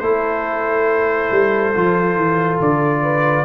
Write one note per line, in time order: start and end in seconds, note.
0.00 1.29 A3
0.00 1.73 E4
0.00 3.02 A4
0.00 2.57 C5
1.31 1.74 G3
1.74 2.16 F3
1.74 3.45 F4
2.16 2.58 E3
2.60 3.45 D3
2.60 3.45 D5
3.02 3.45 B4